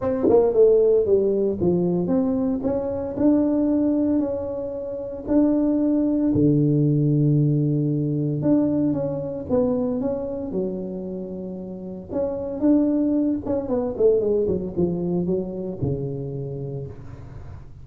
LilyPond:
\new Staff \with { instrumentName = "tuba" } { \time 4/4 \tempo 4 = 114 c'8 ais8 a4 g4 f4 | c'4 cis'4 d'2 | cis'2 d'2 | d1 |
d'4 cis'4 b4 cis'4 | fis2. cis'4 | d'4. cis'8 b8 a8 gis8 fis8 | f4 fis4 cis2 | }